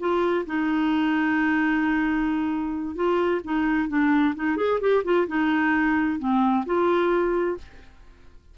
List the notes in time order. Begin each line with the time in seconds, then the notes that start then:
0.00 F4
0.47 D#4
2.96 F4
3.45 D#4
3.89 D4
4.36 D#4
4.57 G#4
4.81 G4
5.05 F4
5.28 D#4
6.19 C4
6.66 F4